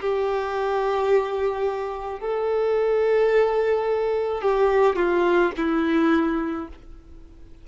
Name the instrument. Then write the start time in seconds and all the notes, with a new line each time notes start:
violin
0.00 G4
2.20 A4
4.41 G4
4.95 F4
5.57 E4